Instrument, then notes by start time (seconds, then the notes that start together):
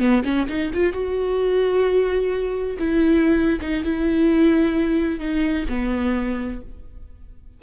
viola
0.00 B3
0.25 C#4
0.49 D#4
0.74 F4
0.93 F#4
2.79 E4
3.62 D#4
3.84 E4
5.20 D#4
5.69 B3